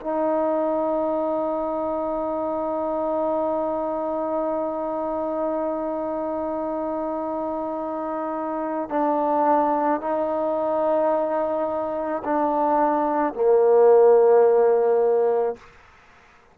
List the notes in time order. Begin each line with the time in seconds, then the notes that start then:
0.00 D#4
8.89 D4
10.00 D#4
12.24 D4
13.33 A#3